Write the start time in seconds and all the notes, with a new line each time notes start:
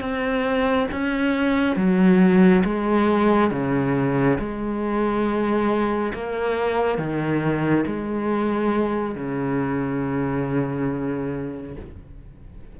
0.00 C4
0.91 C#4
1.76 F#3
2.64 G#3
3.51 C#3
4.38 G#3
6.13 A#3
6.98 D#3
7.86 G#3
9.15 C#3